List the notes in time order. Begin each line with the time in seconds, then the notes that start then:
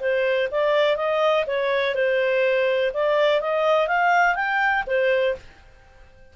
0.00 C5
0.51 D5
0.96 D#5
1.47 C#5
1.95 C5
2.93 D5
3.41 D#5
3.88 F5
4.35 G5
4.87 C5